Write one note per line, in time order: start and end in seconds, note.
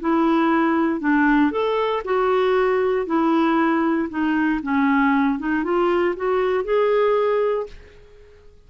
0.00 1.00 E4
1.00 1.51 D4
1.51 2.03 A4
2.05 3.06 F#4
3.06 4.08 E4
4.09 4.61 D#4
4.62 5.39 C#4
5.39 5.64 D#4
5.64 6.15 F4
6.16 6.64 F#4
6.64 7.67 G#4